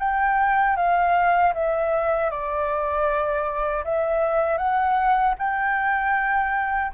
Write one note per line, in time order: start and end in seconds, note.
0.00 0.77 G5
0.77 1.54 F5
1.55 2.31 E5
2.31 3.85 D5
3.85 4.58 E5
4.58 5.35 F#5
5.39 6.93 G5